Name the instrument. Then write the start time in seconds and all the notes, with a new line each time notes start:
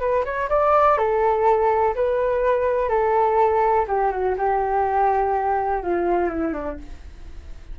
flute
0.00 B4
0.25 C#5
0.49 D5
0.98 A4
1.95 B4
2.89 A4
3.88 G4
4.11 F#4
4.38 G4
5.83 F4
6.29 E4
6.53 D4